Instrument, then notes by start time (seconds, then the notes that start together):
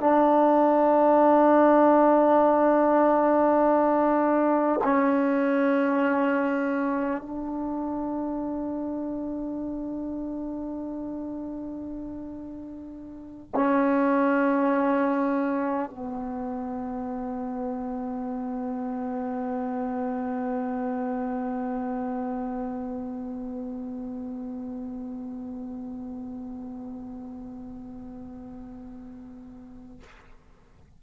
trombone
0.00 D4
4.84 C#4
7.22 D4
13.55 C#4
15.91 B3